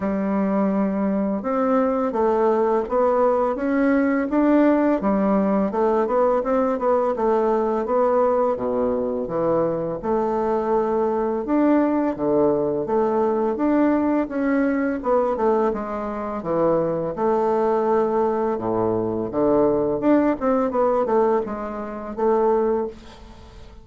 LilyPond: \new Staff \with { instrumentName = "bassoon" } { \time 4/4 \tempo 4 = 84 g2 c'4 a4 | b4 cis'4 d'4 g4 | a8 b8 c'8 b8 a4 b4 | b,4 e4 a2 |
d'4 d4 a4 d'4 | cis'4 b8 a8 gis4 e4 | a2 a,4 d4 | d'8 c'8 b8 a8 gis4 a4 | }